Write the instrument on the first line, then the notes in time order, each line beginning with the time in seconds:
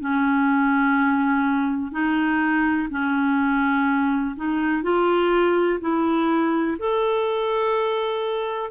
clarinet
0.00 C#4
1.91 D#4
2.90 C#4
4.36 D#4
4.83 F4
5.80 E4
6.79 A4